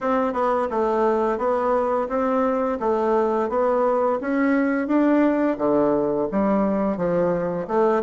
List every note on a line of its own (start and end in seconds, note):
0.01 0.33 C4
0.33 0.68 B3
0.70 1.38 A3
1.38 2.07 B3
2.08 2.78 C4
2.79 3.49 A3
3.49 4.19 B3
4.20 4.87 C#4
4.87 5.57 D4
5.58 6.27 D3
6.31 6.97 G3
6.97 7.66 F3
7.67 8.02 A3